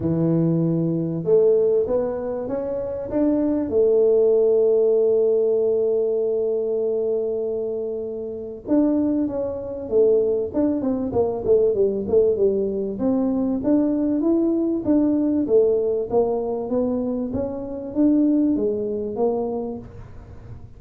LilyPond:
\new Staff \with { instrumentName = "tuba" } { \time 4/4 \tempo 4 = 97 e2 a4 b4 | cis'4 d'4 a2~ | a1~ | a2 d'4 cis'4 |
a4 d'8 c'8 ais8 a8 g8 a8 | g4 c'4 d'4 e'4 | d'4 a4 ais4 b4 | cis'4 d'4 gis4 ais4 | }